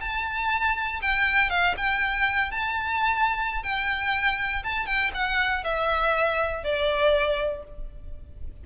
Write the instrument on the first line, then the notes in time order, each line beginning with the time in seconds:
violin
0.00 A5
1.02 G5
1.50 F5
1.77 G5
2.51 A5
3.63 G5
4.64 A5
4.86 G5
5.14 F#5
5.64 E5
6.64 D5